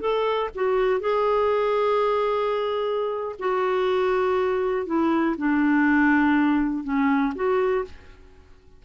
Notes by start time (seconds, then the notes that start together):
0.00 A4
0.55 F#4
1.00 G#4
3.39 F#4
4.86 E4
5.37 D4
6.84 C#4
7.35 F#4